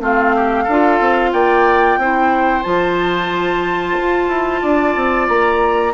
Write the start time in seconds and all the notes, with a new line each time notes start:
0.00 A3 C4 F4 F5
0.36 G4
0.63 D4 A4
0.70 F4
1.00 C4
1.32 A#3 D5 G5
1.97 C4 E4 C5
2.63 F3 F4 A5
3.98 F4
4.28 E4
4.62 D4 D5
4.96 C4
5.28 A#3 A#5